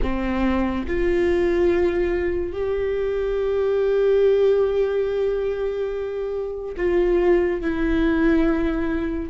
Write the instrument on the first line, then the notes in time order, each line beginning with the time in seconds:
viola
0.02 C4
0.87 F4
2.52 G4
6.76 F4
7.61 E4